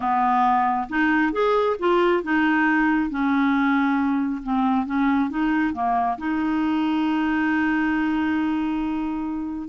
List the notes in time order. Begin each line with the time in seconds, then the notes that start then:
0.00 B3
0.89 D#4
1.32 G#4
1.79 F4
2.23 D#4
3.10 C#4
4.43 C4
4.86 C#4
5.29 D#4
5.73 A#3
6.18 D#4